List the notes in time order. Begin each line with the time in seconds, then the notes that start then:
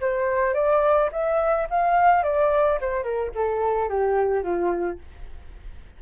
0.00 C5
0.54 D5
1.12 E5
1.69 F5
2.23 D5
2.80 C5
3.03 A#4
3.35 A4
3.88 G4
4.43 F4